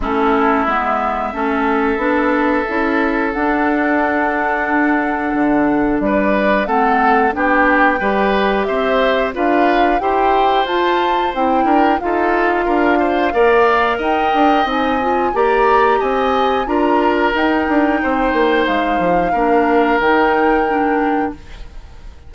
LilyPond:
<<
  \new Staff \with { instrumentName = "flute" } { \time 4/4 \tempo 4 = 90 a'4 e''2.~ | e''4 fis''2.~ | fis''4 d''4 fis''4 g''4~ | g''4 e''4 f''4 g''4 |
a''4 g''4 f''2~ | f''4 g''4 gis''4 ais''4 | gis''4 ais''4 g''2 | f''2 g''2 | }
  \new Staff \with { instrumentName = "oboe" } { \time 4/4 e'2 a'2~ | a'1~ | a'4 b'4 a'4 g'4 | b'4 c''4 b'4 c''4~ |
c''4. ais'8 a'4 ais'8 c''8 | d''4 dis''2 d''4 | dis''4 ais'2 c''4~ | c''4 ais'2. | }
  \new Staff \with { instrumentName = "clarinet" } { \time 4/4 cis'4 b4 cis'4 d'4 | e'4 d'2.~ | d'2 c'4 d'4 | g'2 f'4 g'4 |
f'4 e'4 f'2 | ais'2 dis'8 f'8 g'4~ | g'4 f'4 dis'2~ | dis'4 d'4 dis'4 d'4 | }
  \new Staff \with { instrumentName = "bassoon" } { \time 4/4 a4 gis4 a4 b4 | cis'4 d'2. | d4 g4 a4 b4 | g4 c'4 d'4 e'4 |
f'4 c'8 d'8 dis'4 d'4 | ais4 dis'8 d'8 c'4 ais4 | c'4 d'4 dis'8 d'8 c'8 ais8 | gis8 f8 ais4 dis2 | }
>>